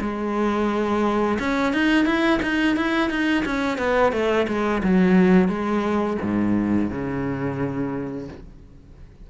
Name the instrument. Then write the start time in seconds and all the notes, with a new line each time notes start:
cello
0.00 G#3
1.39 C#4
1.73 D#4
2.05 E4
2.42 D#4
2.76 E4
3.10 D#4
3.45 C#4
3.78 B3
4.12 A3
4.47 G#3
4.83 F#3
5.48 G#3
6.22 G#2
6.90 C#3